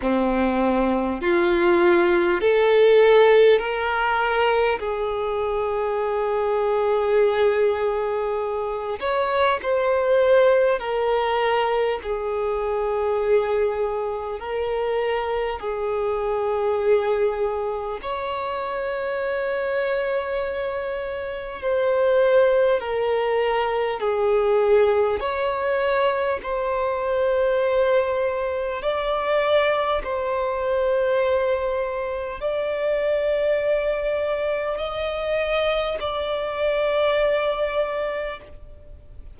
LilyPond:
\new Staff \with { instrumentName = "violin" } { \time 4/4 \tempo 4 = 50 c'4 f'4 a'4 ais'4 | gis'2.~ gis'8 cis''8 | c''4 ais'4 gis'2 | ais'4 gis'2 cis''4~ |
cis''2 c''4 ais'4 | gis'4 cis''4 c''2 | d''4 c''2 d''4~ | d''4 dis''4 d''2 | }